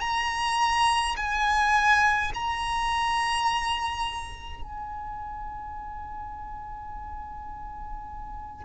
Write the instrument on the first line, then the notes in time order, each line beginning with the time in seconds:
violin
0.00 A#5
1.16 G#5
2.34 A#5
4.62 G#5